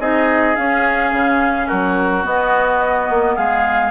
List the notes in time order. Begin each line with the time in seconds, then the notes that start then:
0.00 C4 D#4 G#4 D#5
0.56 C#4 F5
1.12 C#3
1.68 F#3 F#4 A#4
2.23 B3 D#5
3.10 A#3
3.36 G#3 G#4 F5